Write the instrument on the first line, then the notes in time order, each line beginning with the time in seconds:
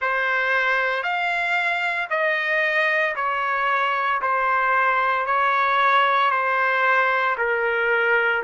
trumpet
0.01 C5
1.02 F5
2.10 D#5
3.15 C#5
4.21 C5
5.26 C#5
6.31 C5
7.37 A#4